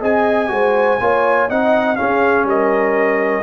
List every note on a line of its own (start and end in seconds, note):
0.00 0.50 C4
0.00 0.48 G#4
0.00 0.49 D#5
0.00 1.50 G#5
0.48 0.99 G#3
0.48 0.97 F#4
0.48 1.00 C5
1.00 1.49 A#3
1.00 1.49 F4
1.00 1.49 C#5
1.49 1.99 C4
1.49 1.96 D#4
1.49 1.98 D#5
1.49 1.96 F#5
1.96 3.43 C#4
1.96 2.44 C#4
1.96 2.47 G#4
1.96 2.45 F5
2.44 3.42 G3
2.44 3.43 A#4
2.44 3.43 D#5